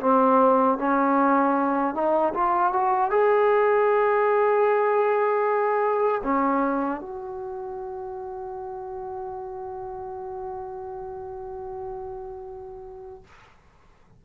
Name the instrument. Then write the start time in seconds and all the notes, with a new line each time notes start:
trombone
0.00 C4
0.78 C#4
1.94 D#4
2.34 F4
2.73 F#4
3.10 G#4
6.24 C#4
7.01 F#4